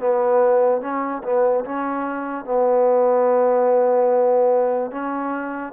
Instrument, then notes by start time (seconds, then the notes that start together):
trombone
0.00 B3
0.81 C#4
1.23 B3
1.65 C#4
2.45 B3
4.91 C#4